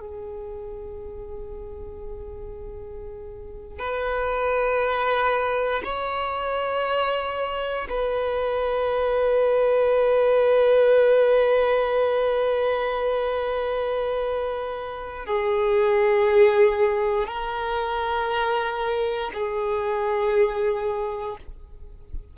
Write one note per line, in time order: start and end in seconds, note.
0.00 3.79 G#4
3.79 5.82 B4
5.84 7.88 C#5
7.89 15.26 B4
15.26 17.27 G#4
17.27 19.31 A#4
19.34 21.37 G#4